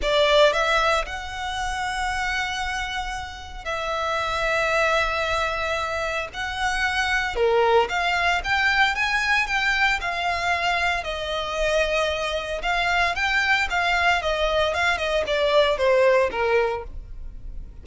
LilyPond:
\new Staff \with { instrumentName = "violin" } { \time 4/4 \tempo 4 = 114 d''4 e''4 fis''2~ | fis''2. e''4~ | e''1 | fis''2 ais'4 f''4 |
g''4 gis''4 g''4 f''4~ | f''4 dis''2. | f''4 g''4 f''4 dis''4 | f''8 dis''8 d''4 c''4 ais'4 | }